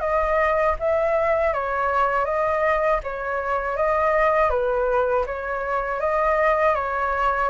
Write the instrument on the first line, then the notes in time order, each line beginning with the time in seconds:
flute
0.00 D#5
0.79 E5
1.53 C#5
2.25 D#5
3.03 C#5
3.76 D#5
4.50 B4
5.26 C#5
6.00 D#5
6.75 C#5